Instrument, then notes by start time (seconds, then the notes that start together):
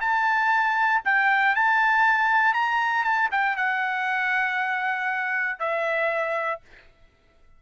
trumpet
0.00 A5
1.04 G5
1.55 A5
2.53 A#5
3.04 A5
3.31 G5
3.56 F#5
5.59 E5